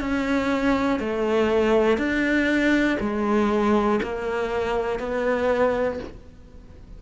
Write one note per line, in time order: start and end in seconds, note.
0.00 1.00 C#4
1.00 1.97 A3
1.97 2.97 D4
3.00 4.00 G#3
4.03 4.99 A#3
4.99 5.99 B3